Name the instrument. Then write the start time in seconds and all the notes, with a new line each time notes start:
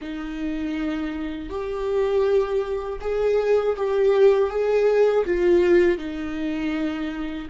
viola
0.01 D#4
1.49 G4
3.00 G#4
3.76 G4
4.50 G#4
5.25 F4
5.98 D#4